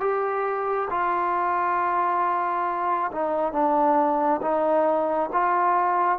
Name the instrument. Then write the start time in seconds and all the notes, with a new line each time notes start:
trombone
0.00 G4
0.90 F4
3.12 D#4
3.53 D4
4.42 D#4
5.32 F4